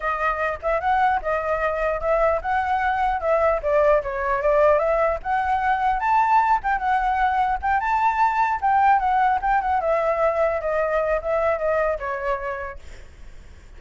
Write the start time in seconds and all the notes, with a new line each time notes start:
0.00 D#5
0.62 E5
0.80 F#5
1.22 D#5
2.00 E5
2.41 F#5
3.20 E5
3.62 D5
4.02 C#5
4.41 D5
4.79 E5
5.23 F#5
5.99 A5
6.63 G5
6.78 F#5
7.61 G5
7.79 A5
8.61 G5
8.99 F#5
9.41 G5
9.61 F#5
9.80 E5
10.61 D#5
11.21 E5
11.58 D#5
11.98 C#5